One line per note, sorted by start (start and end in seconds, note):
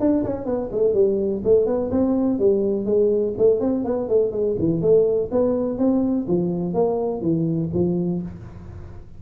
0.00 0.24 D4
0.25 0.46 C#4
0.46 0.70 B3
0.72 0.94 A3
0.94 1.43 G3
1.45 1.66 A3
1.66 1.91 B3
1.91 2.39 C4
2.39 2.86 G3
2.86 3.34 G#3
3.38 3.61 A3
3.61 3.85 C4
3.85 4.09 B3
4.09 4.32 A3
4.32 4.56 G#3
4.59 4.82 E3
4.82 5.30 A3
5.32 5.78 B3
5.78 6.27 C4
6.28 6.74 F3
6.74 7.22 A#3
7.22 7.70 E3
7.74 8.23 F3